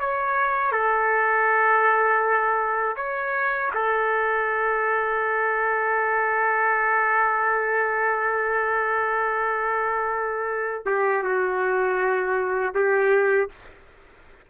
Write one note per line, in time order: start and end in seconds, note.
0.00 0.72 C#5
0.72 2.96 A4
2.96 3.71 C#5
3.74 10.86 A4
10.86 11.23 G4
11.23 12.73 F#4
12.75 13.50 G4